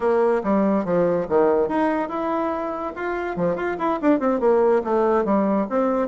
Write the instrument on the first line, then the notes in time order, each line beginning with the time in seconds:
bassoon
0.00 A#3
0.43 G3
0.84 F3
1.29 D#3
1.68 D#4
2.08 E4
2.95 F4
3.36 F3
3.55 F4
3.78 E4
4.01 D4
4.19 C4
4.40 A#3
4.84 A3
5.24 G3
5.69 C4